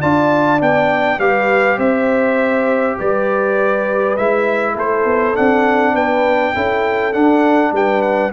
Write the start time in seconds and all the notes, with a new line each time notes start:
0.00 D4 F4 D5 A5
0.59 B3 D4 G5
1.18 G3 G4 B4 F5
1.77 C4 C5 E5
2.98 G3 B4 D5
4.16 G#3 E4 E5
4.74 A3 A4 C5
5.04 B3
5.35 C4 D4 F#5
5.94 B3 B4 G5
6.54 C#4 E4 A4
7.13 D4 F#5
7.72 G3 B4 G5
8.02 F#5